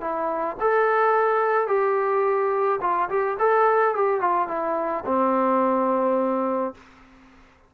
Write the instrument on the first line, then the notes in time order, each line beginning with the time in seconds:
trombone
0.00 E4
0.60 A4
1.67 G4
2.81 F4
3.09 G4
3.38 A4
3.95 G4
4.20 F4
4.48 E4
5.05 C4